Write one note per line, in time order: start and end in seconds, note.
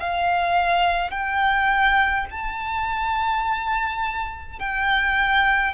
0.00 1.11 F5
1.11 2.26 G5
2.31 4.59 A5
4.59 5.74 G5